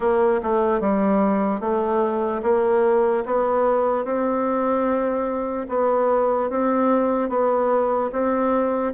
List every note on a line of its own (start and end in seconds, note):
0.00 0.40 A#3
0.42 0.80 A3
0.80 1.60 G3
1.60 2.41 A3
2.43 3.24 A#3
3.25 4.04 B3
4.04 5.66 C4
5.68 6.49 B3
6.49 7.29 C4
7.29 8.10 B3
8.12 8.93 C4